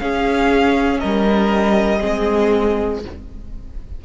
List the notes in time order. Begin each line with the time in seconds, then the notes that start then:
0.00 C#4 G#4 F5
1.00 G3 A#4 D#5
2.00 G#3 C4 G#4